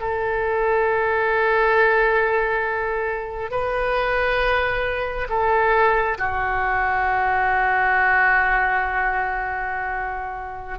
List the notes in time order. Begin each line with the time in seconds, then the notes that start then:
0.00 A4
3.51 B4
5.29 A4
6.18 F#4